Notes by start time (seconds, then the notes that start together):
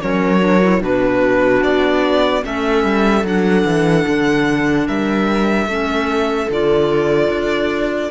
0.00 F#3 C#4 A#4 C#5
0.40 D4
0.62 E4
0.81 B2 D4 F#4 B4
1.63 B3 D5
2.42 A3 C#4 A4 E5
2.84 G3
3.23 F#3 D4 F#5
3.65 E3
4.07 D3
4.87 G3 A#4 E5
5.66 A3 C#4 A4
6.50 D3 F4 D5
7.29 D4